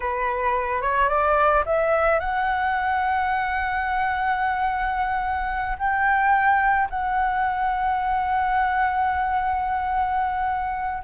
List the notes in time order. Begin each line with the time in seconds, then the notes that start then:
0.00 B4
0.81 C#5
1.08 D5
1.65 E5
2.19 F#5
5.78 G5
6.90 F#5